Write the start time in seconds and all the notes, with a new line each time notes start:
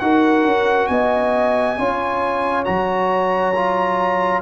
0.00 D#4 F#4 A#4 F#5
0.44 C#4
0.87 B3 D#5 G#5
1.79 C#4 F4 C#5
2.65 F#3 F#4 A#5
3.56 F4